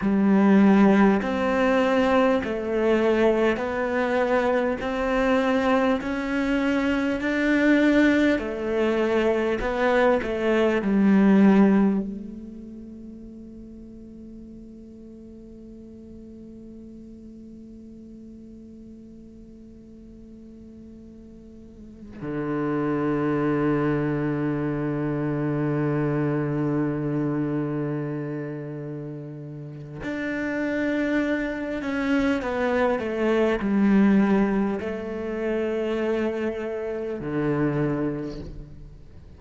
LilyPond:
\new Staff \with { instrumentName = "cello" } { \time 4/4 \tempo 4 = 50 g4 c'4 a4 b4 | c'4 cis'4 d'4 a4 | b8 a8 g4 a2~ | a1~ |
a2~ a8 d4.~ | d1~ | d4 d'4. cis'8 b8 a8 | g4 a2 d4 | }